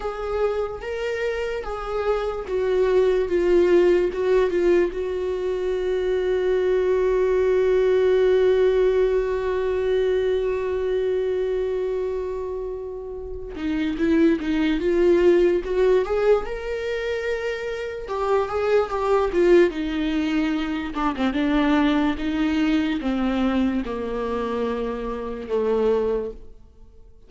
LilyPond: \new Staff \with { instrumentName = "viola" } { \time 4/4 \tempo 4 = 73 gis'4 ais'4 gis'4 fis'4 | f'4 fis'8 f'8 fis'2~ | fis'1~ | fis'1~ |
fis'8 dis'8 e'8 dis'8 f'4 fis'8 gis'8 | ais'2 g'8 gis'8 g'8 f'8 | dis'4. d'16 c'16 d'4 dis'4 | c'4 ais2 a4 | }